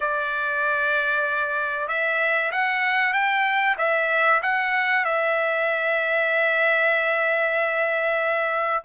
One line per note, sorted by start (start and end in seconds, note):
0.00 1.87 D5
1.88 2.51 E5
2.51 3.13 F#5
3.13 3.76 G5
3.78 4.41 E5
4.42 5.04 F#5
5.04 8.83 E5